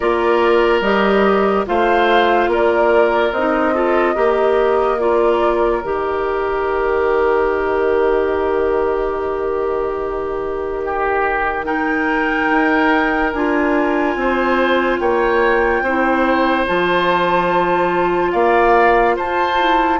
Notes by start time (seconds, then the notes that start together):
0.00 A#3 F4 A#4 D5
0.81 G3 G4 D#5
1.66 A3 F4 C5 F5
2.47 A#3 A#4 D5
3.31 C4 D#4 D#5
3.74 F4 A4
4.14 A#3 G4 A#4
4.99 F4 D5
5.82 D#3 G4 D#5
10.84 G4
11.65 D#4 A#4 G5
12.50 D#4
13.32 D4 F4 G#5
14.15 C4 C5
14.99 A#3 C#5 G5
15.81 C4 E4 C5
16.66 F3 F4 A5
18.31 A#3 D5 F5
19.16 F4 C5 A5
19.58 E4